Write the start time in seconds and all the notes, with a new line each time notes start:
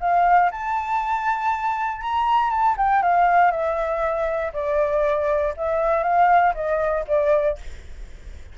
0.00 F5
0.51 A5
2.01 A#5
2.50 A5
2.77 G5
3.02 F5
3.51 E5
4.53 D5
5.57 E5
6.03 F5
6.55 D#5
7.07 D5